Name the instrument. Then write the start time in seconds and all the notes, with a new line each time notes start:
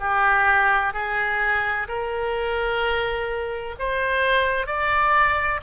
oboe
0.00 G4
0.94 G#4
1.88 A#4
3.79 C5
4.67 D5